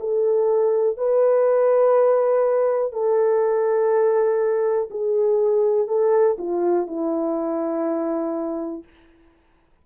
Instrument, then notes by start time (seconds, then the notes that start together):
horn
0.00 A4
0.97 B4
2.92 A4
4.90 G#4
5.87 A4
6.38 F4
6.87 E4